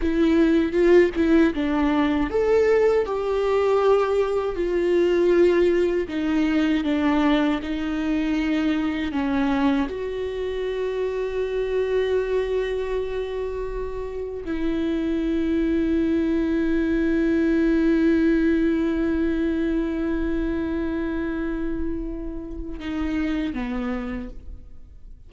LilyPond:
\new Staff \with { instrumentName = "viola" } { \time 4/4 \tempo 4 = 79 e'4 f'8 e'8 d'4 a'4 | g'2 f'2 | dis'4 d'4 dis'2 | cis'4 fis'2.~ |
fis'2. e'4~ | e'1~ | e'1~ | e'2 dis'4 b4 | }